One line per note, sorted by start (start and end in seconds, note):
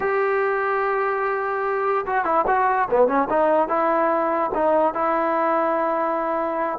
0.00 2.05 G4
2.05 2.24 F#4
2.24 2.45 E4
2.47 2.88 F#4
2.90 3.07 B3
3.07 3.28 C#4
3.29 3.68 D#4
3.68 4.50 E4
4.54 4.94 D#4
4.94 6.78 E4